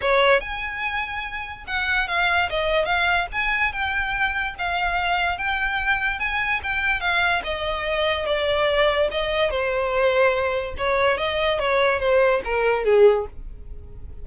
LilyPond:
\new Staff \with { instrumentName = "violin" } { \time 4/4 \tempo 4 = 145 cis''4 gis''2. | fis''4 f''4 dis''4 f''4 | gis''4 g''2 f''4~ | f''4 g''2 gis''4 |
g''4 f''4 dis''2 | d''2 dis''4 c''4~ | c''2 cis''4 dis''4 | cis''4 c''4 ais'4 gis'4 | }